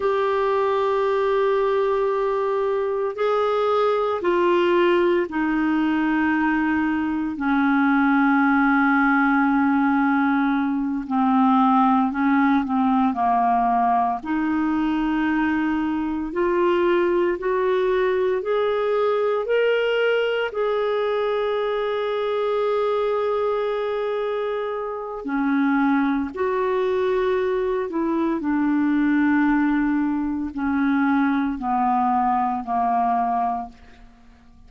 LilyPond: \new Staff \with { instrumentName = "clarinet" } { \time 4/4 \tempo 4 = 57 g'2. gis'4 | f'4 dis'2 cis'4~ | cis'2~ cis'8 c'4 cis'8 | c'8 ais4 dis'2 f'8~ |
f'8 fis'4 gis'4 ais'4 gis'8~ | gis'1 | cis'4 fis'4. e'8 d'4~ | d'4 cis'4 b4 ais4 | }